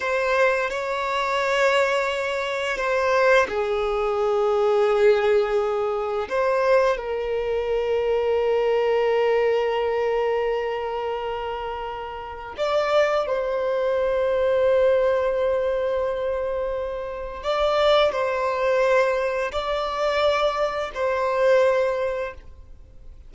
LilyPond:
\new Staff \with { instrumentName = "violin" } { \time 4/4 \tempo 4 = 86 c''4 cis''2. | c''4 gis'2.~ | gis'4 c''4 ais'2~ | ais'1~ |
ais'2 d''4 c''4~ | c''1~ | c''4 d''4 c''2 | d''2 c''2 | }